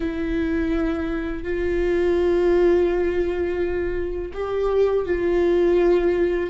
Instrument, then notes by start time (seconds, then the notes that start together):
viola
0.00 E4
1.43 F4
4.33 G4
5.05 F4